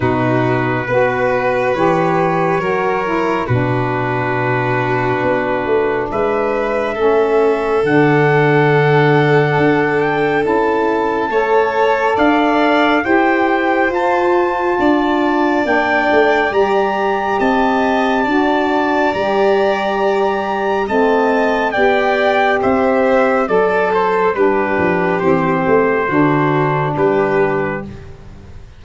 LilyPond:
<<
  \new Staff \with { instrumentName = "trumpet" } { \time 4/4 \tempo 4 = 69 b'2 cis''2 | b'2. e''4~ | e''4 fis''2~ fis''8 g''8 | a''2 f''4 g''4 |
a''2 g''4 ais''4 | a''2 ais''2 | a''4 g''4 e''4 d''8 c''8 | b'4 c''2 b'4 | }
  \new Staff \with { instrumentName = "violin" } { \time 4/4 fis'4 b'2 ais'4 | fis'2. b'4 | a'1~ | a'4 cis''4 d''4 c''4~ |
c''4 d''2. | dis''4 d''2. | dis''4 d''4 c''4 a'4 | g'2 fis'4 g'4 | }
  \new Staff \with { instrumentName = "saxophone" } { \time 4/4 dis'4 fis'4 g'4 fis'8 e'8 | d'1 | cis'4 d'2. | e'4 a'2 g'4 |
f'2 d'4 g'4~ | g'4 fis'4 g'2 | c'4 g'2 a'4 | d'4 c'4 d'2 | }
  \new Staff \with { instrumentName = "tuba" } { \time 4/4 b,4 b4 e4 fis4 | b,2 b8 a8 gis4 | a4 d2 d'4 | cis'4 a4 d'4 e'4 |
f'4 d'4 ais8 a8 g4 | c'4 d'4 g2 | a4 b4 c'4 fis4 | g8 f8 e8 a8 d4 g4 | }
>>